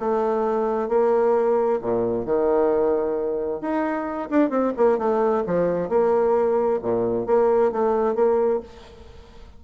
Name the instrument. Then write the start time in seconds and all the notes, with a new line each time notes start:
bassoon
0.00 A3
0.89 A#3
1.82 A#2
2.26 D#3
3.61 D#4
4.30 D4
4.50 C4
4.77 A#3
4.98 A3
5.47 F3
5.89 A#3
6.82 A#2
7.27 A#3
7.72 A3
8.15 A#3